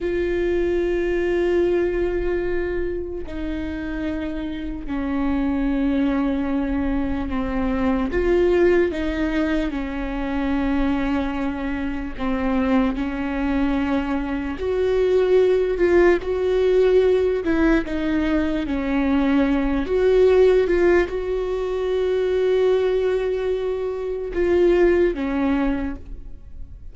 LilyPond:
\new Staff \with { instrumentName = "viola" } { \time 4/4 \tempo 4 = 74 f'1 | dis'2 cis'2~ | cis'4 c'4 f'4 dis'4 | cis'2. c'4 |
cis'2 fis'4. f'8 | fis'4. e'8 dis'4 cis'4~ | cis'8 fis'4 f'8 fis'2~ | fis'2 f'4 cis'4 | }